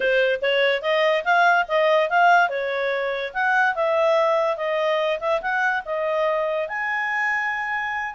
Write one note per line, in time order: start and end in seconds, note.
0.00 0.40 C5
0.41 0.82 C#5
0.82 1.23 D#5
1.24 1.66 F5
1.68 2.09 D#5
2.09 2.49 F5
2.49 3.32 C#5
3.33 3.75 F#5
3.75 4.56 E5
4.56 5.19 D#5
5.20 5.41 E5
5.41 5.83 F#5
5.85 6.68 D#5
6.68 8.14 G#5